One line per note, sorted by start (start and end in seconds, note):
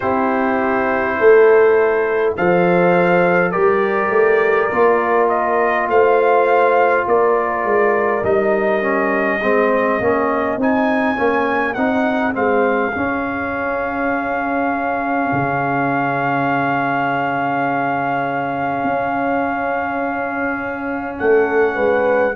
0.00 1.19 C4
0.00 2.36 E4
0.00 1.17 G4
0.00 2.33 C5
1.18 2.36 A3
1.18 2.36 A4
2.36 3.55 F3
2.36 3.52 A4
2.36 3.51 C5
2.36 3.51 F5
3.51 4.09 G3
3.51 4.70 G4
3.51 5.87 A#4
3.51 5.27 D5
4.09 4.68 A3
4.70 5.88 A#3
4.70 8.23 F4
5.28 5.87 D#5
5.88 7.05 A3
5.88 7.07 C5
5.88 7.07 F5
7.07 7.64 A#3
7.07 9.40 A#4
7.07 8.24 D5
7.64 8.23 G#3
8.23 9.40 G3
8.23 8.81 D#4
8.23 10.59 D#5
8.81 9.40 C#4
9.40 9.99 G#3
9.40 10.01 C4
9.40 21.17 G#4
10.00 10.57 A#3
10.00 10.59 C#4
10.57 11.16 C4
10.57 11.16 D#4
10.57 11.74 G#5
11.16 11.76 A#3
11.16 11.75 C#4
11.74 12.35 C4
11.74 12.32 D#4
11.74 12.33 F#5
12.32 12.94 G#3
12.32 12.91 C4
12.32 21.17 F5
12.92 22.33 C#4
12.92 15.30 C#4
15.32 18.83 C#3
18.83 21.19 C#4
21.18 21.76 A3
21.18 21.75 A4
21.18 22.35 F#5
21.75 22.35 G#3
21.75 22.34 B4